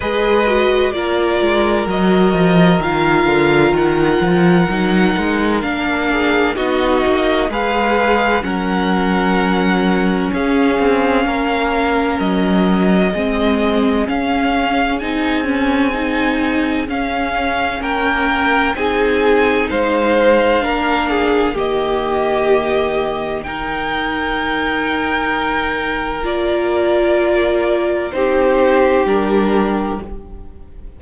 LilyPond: <<
  \new Staff \with { instrumentName = "violin" } { \time 4/4 \tempo 4 = 64 dis''4 d''4 dis''4 f''4 | fis''2 f''4 dis''4 | f''4 fis''2 f''4~ | f''4 dis''2 f''4 |
gis''2 f''4 g''4 | gis''4 f''2 dis''4~ | dis''4 g''2. | d''2 c''4 ais'4 | }
  \new Staff \with { instrumentName = "violin" } { \time 4/4 b'4 ais'2.~ | ais'2~ ais'8 gis'8 fis'4 | b'4 ais'2 gis'4 | ais'2 gis'2~ |
gis'2. ais'4 | gis'4 c''4 ais'8 gis'8 g'4~ | g'4 ais'2.~ | ais'2 g'2 | }
  \new Staff \with { instrumentName = "viola" } { \time 4/4 gis'8 fis'8 f'4 fis'4 f'4~ | f'4 dis'4 d'4 dis'4 | gis'4 cis'2.~ | cis'2 c'4 cis'4 |
dis'8 cis'8 dis'4 cis'2 | dis'2 d'4 ais4~ | ais4 dis'2. | f'2 dis'4 d'4 | }
  \new Staff \with { instrumentName = "cello" } { \time 4/4 gis4 ais8 gis8 fis8 f8 dis8 d8 | dis8 f8 fis8 gis8 ais4 b8 ais8 | gis4 fis2 cis'8 c'8 | ais4 fis4 gis4 cis'4 |
c'2 cis'4 ais4 | c'4 gis4 ais4 dis4~ | dis1 | ais2 c'4 g4 | }
>>